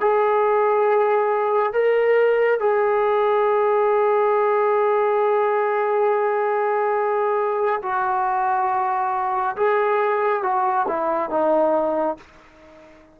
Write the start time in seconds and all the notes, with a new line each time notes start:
0.00 G#4
1.72 A#4
2.59 G#4
7.82 F#4
9.56 G#4
10.43 F#4
10.87 E4
11.30 D#4